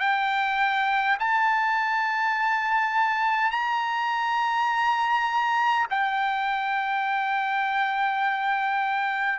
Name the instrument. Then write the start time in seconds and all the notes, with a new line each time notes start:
trumpet
0.00 G5
1.20 A5
3.51 A#5
5.90 G5